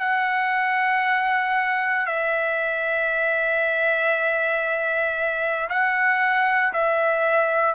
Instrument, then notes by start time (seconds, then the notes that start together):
trumpet
0.00 F#5
2.07 E5
5.70 F#5
6.73 E5